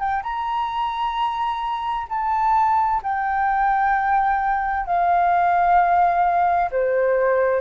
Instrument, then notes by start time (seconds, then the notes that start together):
flute
0.00 G5
0.23 A#5
2.10 A5
3.03 G5
4.86 F5
6.72 C5